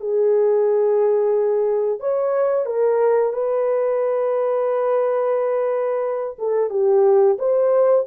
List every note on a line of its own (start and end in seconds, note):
0.00 1.99 G#4
1.99 2.65 C#5
2.65 3.33 A#4
3.33 6.36 B4
6.38 6.70 A4
6.70 7.37 G4
7.39 8.06 C5